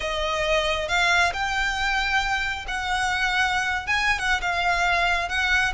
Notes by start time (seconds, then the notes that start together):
0.00 D#5
0.88 F5
1.33 G5
2.67 F#5
3.86 G#5
4.18 F#5
4.41 F5
5.28 F#5